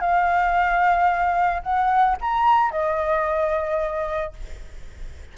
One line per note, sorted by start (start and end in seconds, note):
0.00 1.62 F5
1.63 2.17 F#5
2.21 2.71 A#5
2.71 4.33 D#5